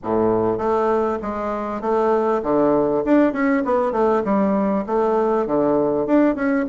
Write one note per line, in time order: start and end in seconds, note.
0.03 0.58 A2
0.58 1.18 A3
1.21 1.81 G#3
1.81 2.41 A3
2.42 3.03 D3
3.04 3.32 D4
3.32 3.63 C#4
3.64 3.92 B3
3.92 4.22 A3
4.24 4.85 G3
4.86 5.46 A3
5.46 6.06 D3
6.06 6.35 D4
6.35 6.65 C#4